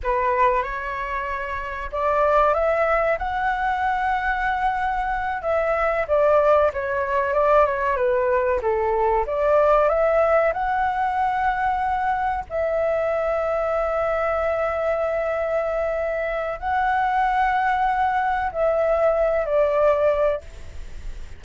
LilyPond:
\new Staff \with { instrumentName = "flute" } { \time 4/4 \tempo 4 = 94 b'4 cis''2 d''4 | e''4 fis''2.~ | fis''8 e''4 d''4 cis''4 d''8 | cis''8 b'4 a'4 d''4 e''8~ |
e''8 fis''2. e''8~ | e''1~ | e''2 fis''2~ | fis''4 e''4. d''4. | }